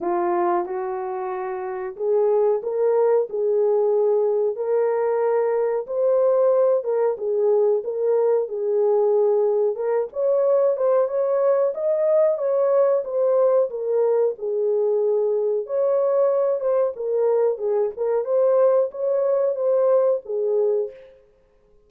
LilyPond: \new Staff \with { instrumentName = "horn" } { \time 4/4 \tempo 4 = 92 f'4 fis'2 gis'4 | ais'4 gis'2 ais'4~ | ais'4 c''4. ais'8 gis'4 | ais'4 gis'2 ais'8 cis''8~ |
cis''8 c''8 cis''4 dis''4 cis''4 | c''4 ais'4 gis'2 | cis''4. c''8 ais'4 gis'8 ais'8 | c''4 cis''4 c''4 gis'4 | }